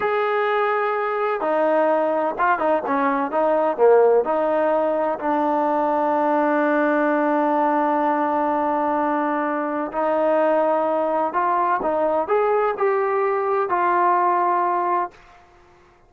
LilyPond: \new Staff \with { instrumentName = "trombone" } { \time 4/4 \tempo 4 = 127 gis'2. dis'4~ | dis'4 f'8 dis'8 cis'4 dis'4 | ais4 dis'2 d'4~ | d'1~ |
d'1~ | d'4 dis'2. | f'4 dis'4 gis'4 g'4~ | g'4 f'2. | }